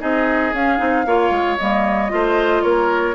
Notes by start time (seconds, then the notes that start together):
0.00 C4 D#4 G#4 D#5
0.53 C#4 F5
0.78 C4 D#4
1.06 A#3 F4 C#5
1.31 G#3
1.59 G3 A#3 D#5
2.09 A3 F4 C5
2.63 A#3 A#4 C#5